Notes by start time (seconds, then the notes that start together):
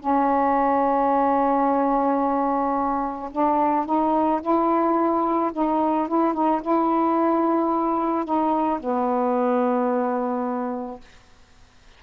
0.00 C#4
3.32 D4
3.86 D#4
4.42 E4
5.53 D#4
6.08 E4
6.34 D#4
6.62 E4
8.25 D#4
8.80 B3